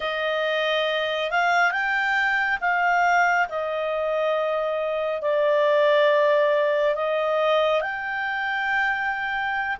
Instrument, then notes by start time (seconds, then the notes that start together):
clarinet
0.00 D#5
1.30 F5
1.71 G5
2.60 F5
3.48 D#5
5.21 D5
6.95 D#5
7.81 G5